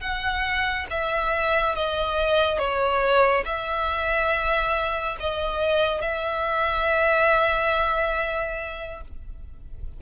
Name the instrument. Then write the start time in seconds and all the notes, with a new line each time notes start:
violin
0.00 F#5
0.90 E5
1.75 D#5
2.58 C#5
3.45 E5
5.20 D#5
6.01 E5